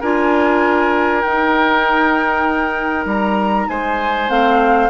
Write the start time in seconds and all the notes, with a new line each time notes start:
0.00 D4 F4 A#4 G#5
1.21 D#4 G5
3.05 G3 A#5
3.68 G#3 C5 G#5
4.28 A3 C4 F5